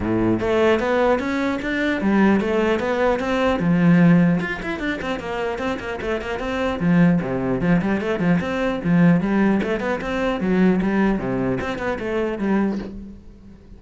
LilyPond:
\new Staff \with { instrumentName = "cello" } { \time 4/4 \tempo 4 = 150 a,4 a4 b4 cis'4 | d'4 g4 a4 b4 | c'4 f2 f'8 e'8 | d'8 c'8 ais4 c'8 ais8 a8 ais8 |
c'4 f4 c4 f8 g8 | a8 f8 c'4 f4 g4 | a8 b8 c'4 fis4 g4 | c4 c'8 b8 a4 g4 | }